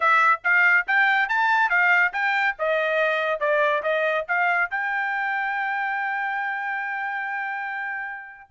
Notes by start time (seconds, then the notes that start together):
0.00 E5
0.44 F5
0.87 G5
1.29 A5
1.69 F5
2.13 G5
2.58 D#5
3.39 D5
3.82 D#5
4.28 F5
4.70 G5